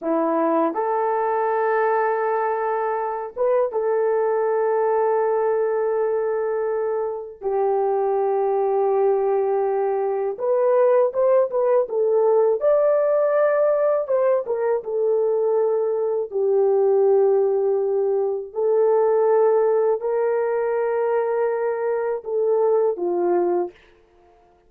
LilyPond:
\new Staff \with { instrumentName = "horn" } { \time 4/4 \tempo 4 = 81 e'4 a'2.~ | a'8 b'8 a'2.~ | a'2 g'2~ | g'2 b'4 c''8 b'8 |
a'4 d''2 c''8 ais'8 | a'2 g'2~ | g'4 a'2 ais'4~ | ais'2 a'4 f'4 | }